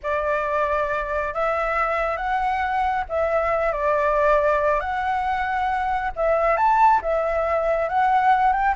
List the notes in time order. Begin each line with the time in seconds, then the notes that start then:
0.02 D5
1.34 E5
2.16 F#5
3.08 E5
3.72 D5
4.80 F#5
6.16 E5
6.56 A5
7.02 E5
7.89 F#5
8.52 G5